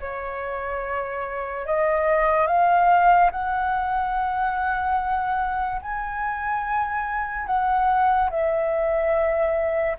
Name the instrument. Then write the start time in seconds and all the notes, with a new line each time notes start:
flute
0.00 C#5
1.66 D#5
2.47 F5
3.31 F#5
5.81 G#5
7.46 F#5
8.30 E5